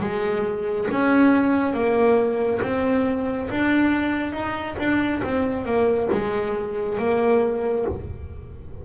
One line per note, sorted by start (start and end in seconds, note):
0.00 0.87 G#3
0.91 1.73 C#4
1.73 2.60 A#3
2.62 3.49 C4
3.50 4.32 D4
4.32 4.75 D#4
4.78 5.21 D4
5.23 5.65 C4
5.65 6.08 A#3
6.12 6.98 G#3
6.98 7.85 A#3